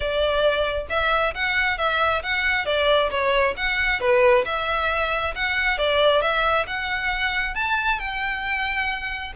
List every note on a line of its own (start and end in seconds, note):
0.00 0.87 D5
0.89 1.34 E5
1.34 1.78 F#5
1.78 2.22 E5
2.22 2.65 F#5
2.65 3.09 D5
3.10 3.54 C#5
3.57 4.00 F#5
4.00 4.44 B4
4.45 5.34 E5
5.35 5.78 F#5
5.78 6.21 D5
6.21 6.66 E5
6.67 7.54 F#5
7.54 7.99 A5
7.99 9.32 G5